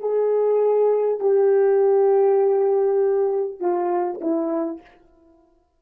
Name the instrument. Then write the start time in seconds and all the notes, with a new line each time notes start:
horn
0.00 G#4
1.20 G4
3.60 F4
4.21 E4